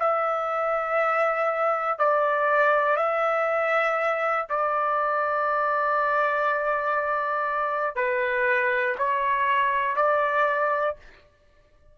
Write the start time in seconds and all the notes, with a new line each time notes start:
0.00 E5
1.99 D5
2.97 E5
4.49 D5
7.96 B4
8.99 C#5
9.96 D5